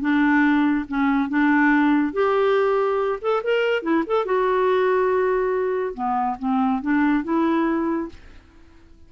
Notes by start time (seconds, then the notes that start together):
0.00 D4
0.88 C#4
1.29 D4
2.12 G4
3.21 A4
3.43 A#4
3.82 E4
4.06 A4
4.25 F#4
5.94 B3
6.39 C4
6.82 D4
7.23 E4